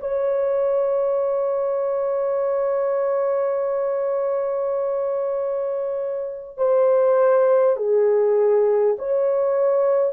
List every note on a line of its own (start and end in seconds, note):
0.00 6.58 C#5
6.58 7.77 C5
7.77 8.97 G#4
8.99 10.13 C#5